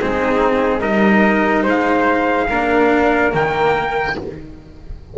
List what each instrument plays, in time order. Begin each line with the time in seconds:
0.00 double bass G#3, cello C4, flute D#4, trumpet G#4
0.80 double bass G3, cello D#4, flute A#4, trumpet D#5
1.62 double bass G#3, flute C5
1.69 trumpet F5
2.49 double bass A#3, cello D4, flute A#4
3.32 double bass D#3, cello A#3, trumpet G5